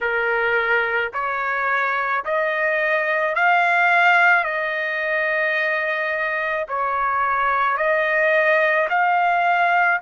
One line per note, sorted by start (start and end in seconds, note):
0.00 1.11 A#4
1.13 2.24 C#5
2.25 3.35 D#5
3.35 4.43 F5
4.43 6.66 D#5
6.68 7.77 C#5
7.77 8.88 D#5
8.89 10.00 F5